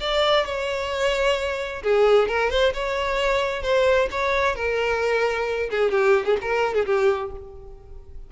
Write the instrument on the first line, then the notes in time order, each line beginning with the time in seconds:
violin
0.00 D5
0.45 C#5
1.83 G#4
2.28 A#4
2.50 C5
2.74 C#5
3.63 C5
4.11 C#5
4.55 A#4
5.70 G#4
5.91 G4
6.25 G#4
6.41 A#4
6.74 G#4
6.86 G4